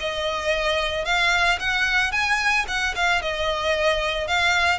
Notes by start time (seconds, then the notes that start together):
0.00 D#5
1.05 F5
1.59 F#5
2.12 G#5
2.68 F#5
2.95 F5
3.22 D#5
4.28 F5